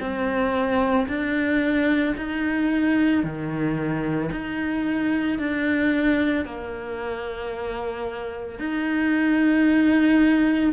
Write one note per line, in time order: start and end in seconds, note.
0.00 1.07 C4
1.08 2.15 D4
2.17 3.23 D#4
3.23 4.31 D#3
4.31 5.39 D#4
5.39 6.45 D4
6.45 8.60 A#3
8.60 10.73 D#4